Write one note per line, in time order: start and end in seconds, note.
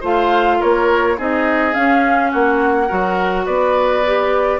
0.00 0.60 A3
0.00 1.16 F4
0.00 0.57 C5
0.00 0.61 F5
0.59 1.18 A#3
0.59 1.16 A#4
0.59 1.18 C#5
1.17 1.75 C4
1.17 1.73 D#4
1.17 2.30 G#4
1.17 1.73 D#5
1.73 2.87 C#4
1.73 2.33 C#4
1.73 2.31 F5
2.30 2.90 A#3
2.30 2.87 F#4
2.30 3.46 F#5
2.87 3.47 F#3
2.87 4.02 F#4
2.87 3.44 A#4
3.45 4.59 B3
3.45 4.59 B4
3.45 4.59 D5
4.06 4.59 G4